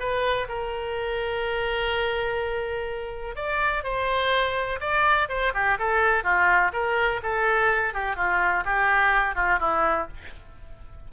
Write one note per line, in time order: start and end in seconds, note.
0.00 0.48 B4
0.49 3.36 A#4
3.36 3.84 D5
3.84 4.80 C5
4.81 5.29 D5
5.29 5.53 C5
5.55 5.79 G4
5.79 6.24 A4
6.24 6.72 F4
6.73 7.21 A#4
7.23 7.94 A4
7.94 8.16 G4
8.16 8.64 F4
8.65 9.36 G4
9.36 9.60 F4
9.60 10.08 E4